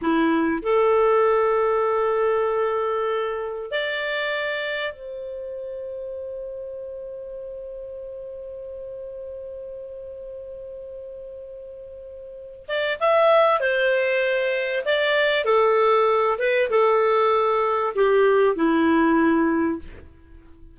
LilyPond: \new Staff \with { instrumentName = "clarinet" } { \time 4/4 \tempo 4 = 97 e'4 a'2.~ | a'2 d''2 | c''1~ | c''1~ |
c''1~ | c''8 d''8 e''4 c''2 | d''4 a'4. b'8 a'4~ | a'4 g'4 e'2 | }